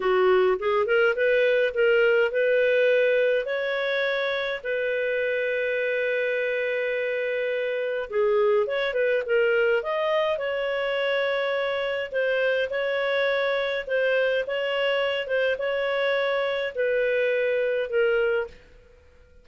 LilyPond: \new Staff \with { instrumentName = "clarinet" } { \time 4/4 \tempo 4 = 104 fis'4 gis'8 ais'8 b'4 ais'4 | b'2 cis''2 | b'1~ | b'2 gis'4 cis''8 b'8 |
ais'4 dis''4 cis''2~ | cis''4 c''4 cis''2 | c''4 cis''4. c''8 cis''4~ | cis''4 b'2 ais'4 | }